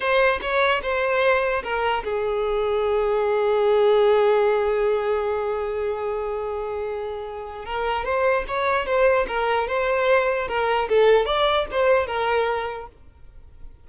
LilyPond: \new Staff \with { instrumentName = "violin" } { \time 4/4 \tempo 4 = 149 c''4 cis''4 c''2 | ais'4 gis'2.~ | gis'1~ | gis'1~ |
gis'2. ais'4 | c''4 cis''4 c''4 ais'4 | c''2 ais'4 a'4 | d''4 c''4 ais'2 | }